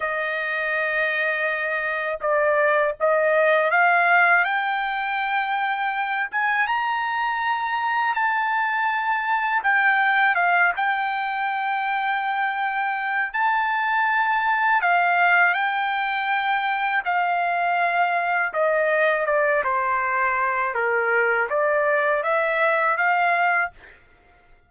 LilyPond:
\new Staff \with { instrumentName = "trumpet" } { \time 4/4 \tempo 4 = 81 dis''2. d''4 | dis''4 f''4 g''2~ | g''8 gis''8 ais''2 a''4~ | a''4 g''4 f''8 g''4.~ |
g''2 a''2 | f''4 g''2 f''4~ | f''4 dis''4 d''8 c''4. | ais'4 d''4 e''4 f''4 | }